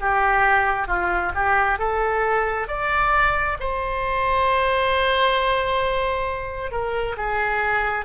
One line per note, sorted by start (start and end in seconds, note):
0.00 0.87 G4
0.87 1.32 F4
1.35 1.79 G4
1.79 2.68 A4
2.68 3.57 D5
3.60 6.71 C5
6.71 7.16 A#4
7.17 8.05 G#4